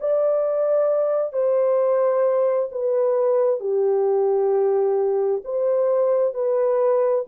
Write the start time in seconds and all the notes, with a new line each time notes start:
0.00 D5
1.33 C5
2.71 B4
3.60 G4
5.44 C5
6.34 B4